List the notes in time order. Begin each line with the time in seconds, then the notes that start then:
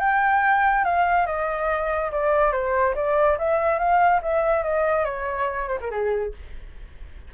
0.00 G5
0.85 F5
1.26 D#5
2.12 D5
2.52 C5
2.95 D5
3.38 E5
3.79 F5
4.22 E5
4.63 D#5
5.05 C#5
5.68 C5
5.81 A#4
5.91 G#4